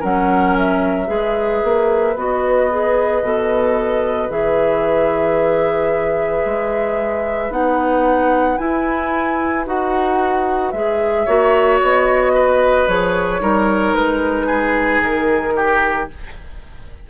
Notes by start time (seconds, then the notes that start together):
0.00 F#3 C#4 A#4 F#5
0.58 E5
1.07 G#3 G#4 B4
1.64 A#3
2.16 B3 F#4 D#5
2.71 G#4
3.23 B2 A4
4.30 E3 G#4 E5
6.46 G#3
7.50 B3 D#4 F#5
8.58 E4 G#5
9.66 D#4 F#4 F#5
10.72 G#3 G#4 E5
11.25 A#3 F#4 C#5
11.82 B3 D#5
12.35 B4
12.88 F3 G#4 C#5
13.40 G3 D#4 A#4
13.94 G#3 B4
14.47 G#4
15.00 D#3 A#4
15.56 G4